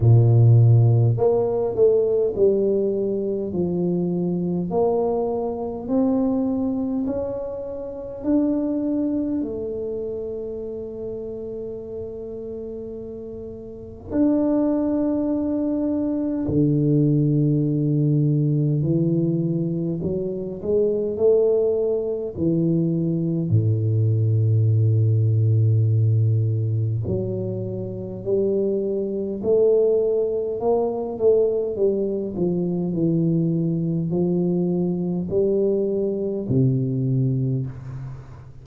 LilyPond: \new Staff \with { instrumentName = "tuba" } { \time 4/4 \tempo 4 = 51 ais,4 ais8 a8 g4 f4 | ais4 c'4 cis'4 d'4 | a1 | d'2 d2 |
e4 fis8 gis8 a4 e4 | a,2. fis4 | g4 a4 ais8 a8 g8 f8 | e4 f4 g4 c4 | }